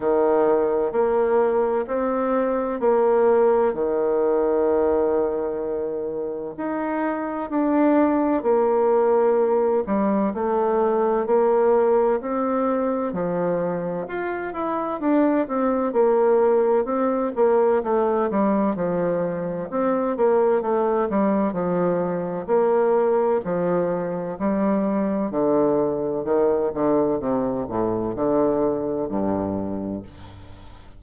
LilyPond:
\new Staff \with { instrumentName = "bassoon" } { \time 4/4 \tempo 4 = 64 dis4 ais4 c'4 ais4 | dis2. dis'4 | d'4 ais4. g8 a4 | ais4 c'4 f4 f'8 e'8 |
d'8 c'8 ais4 c'8 ais8 a8 g8 | f4 c'8 ais8 a8 g8 f4 | ais4 f4 g4 d4 | dis8 d8 c8 a,8 d4 g,4 | }